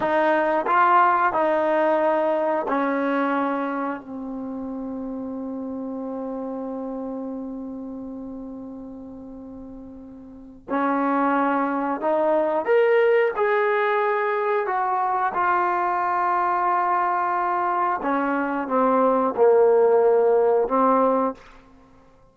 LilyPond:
\new Staff \with { instrumentName = "trombone" } { \time 4/4 \tempo 4 = 90 dis'4 f'4 dis'2 | cis'2 c'2~ | c'1~ | c'1 |
cis'2 dis'4 ais'4 | gis'2 fis'4 f'4~ | f'2. cis'4 | c'4 ais2 c'4 | }